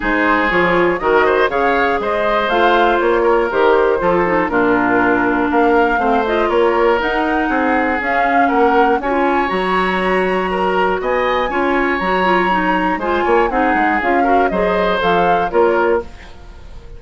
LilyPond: <<
  \new Staff \with { instrumentName = "flute" } { \time 4/4 \tempo 4 = 120 c''4 cis''4 dis''4 f''4 | dis''4 f''4 cis''4 c''4~ | c''4 ais'2 f''4~ | f''8 dis''8 cis''4 fis''2 |
f''4 fis''4 gis''4 ais''4~ | ais''2 gis''2 | ais''2 gis''4 fis''4 | f''4 dis''4 f''4 cis''4 | }
  \new Staff \with { instrumentName = "oboe" } { \time 4/4 gis'2 ais'8 c''8 cis''4 | c''2~ c''8 ais'4. | a'4 f'2 ais'4 | c''4 ais'2 gis'4~ |
gis'4 ais'4 cis''2~ | cis''4 ais'4 dis''4 cis''4~ | cis''2 c''8 cis''8 gis'4~ | gis'8 ais'8 c''2 ais'4 | }
  \new Staff \with { instrumentName = "clarinet" } { \time 4/4 dis'4 f'4 fis'4 gis'4~ | gis'4 f'2 g'4 | f'8 dis'8 d'2. | c'8 f'4. dis'2 |
cis'2 fis'16 f'8. fis'4~ | fis'2. f'4 | fis'8 f'8 dis'4 f'4 dis'4 | f'8 fis'8 gis'4 a'4 f'4 | }
  \new Staff \with { instrumentName = "bassoon" } { \time 4/4 gis4 f4 dis4 cis4 | gis4 a4 ais4 dis4 | f4 ais,2 ais4 | a4 ais4 dis'4 c'4 |
cis'4 ais4 cis'4 fis4~ | fis2 b4 cis'4 | fis2 gis8 ais8 c'8 gis8 | cis'4 fis4 f4 ais4 | }
>>